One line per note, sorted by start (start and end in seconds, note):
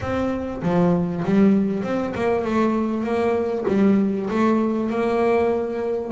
0.00 0.62 C4
0.62 1.23 F3
1.24 1.83 G3
1.83 2.13 C4
2.15 2.44 A#3
2.44 3.03 A3
3.03 3.65 A#3
3.67 4.29 G3
4.29 4.90 A3
4.90 6.11 A#3